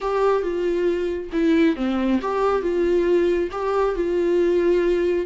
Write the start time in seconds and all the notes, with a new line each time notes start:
0.00 G4
0.42 F4
1.32 E4
1.76 C4
2.21 G4
2.62 F4
3.51 G4
3.95 F4